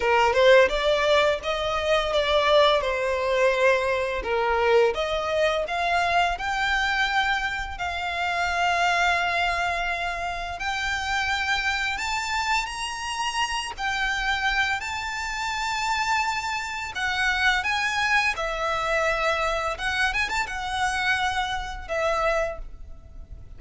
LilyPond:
\new Staff \with { instrumentName = "violin" } { \time 4/4 \tempo 4 = 85 ais'8 c''8 d''4 dis''4 d''4 | c''2 ais'4 dis''4 | f''4 g''2 f''4~ | f''2. g''4~ |
g''4 a''4 ais''4. g''8~ | g''4 a''2. | fis''4 gis''4 e''2 | fis''8 gis''16 a''16 fis''2 e''4 | }